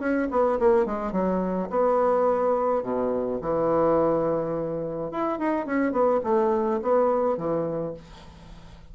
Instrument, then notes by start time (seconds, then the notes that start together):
bassoon
0.00 C#4
0.31 B3
0.59 A#3
0.86 G#3
1.12 F#3
1.70 B3
2.83 B2
3.42 E3
5.11 E4
5.39 D#4
5.66 C#4
5.92 B3
6.24 A3
6.82 B3
7.37 E3